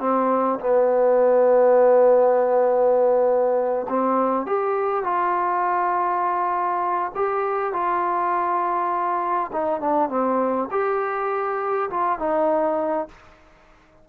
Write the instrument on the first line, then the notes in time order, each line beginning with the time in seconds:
trombone
0.00 C4
0.60 B3
3.89 C4
4.46 G4
5.04 F4
7.15 G4
7.73 F4
9.53 D#4
9.81 D4
10.09 C4
10.71 G4
11.90 F4
12.19 D#4